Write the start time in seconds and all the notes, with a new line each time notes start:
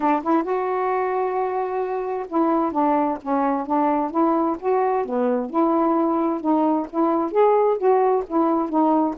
0.00 D4
0.22 E4
0.43 F#4
2.28 E4
2.72 D4
3.21 C#4
3.66 D4
4.11 E4
4.59 F#4
5.05 B3
5.50 E4
6.41 D#4
6.89 E4
7.31 G#4
7.77 F#4
8.27 E4
8.69 D#4